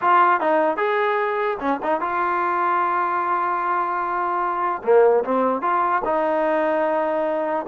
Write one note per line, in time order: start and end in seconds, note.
0.01 0.40 F4
0.40 0.77 D#4
0.77 1.57 G#4
1.59 1.80 C#4
1.82 2.00 D#4
2.00 4.82 F4
4.83 5.23 A#3
5.24 5.61 C4
5.61 6.02 F4
6.04 7.65 D#4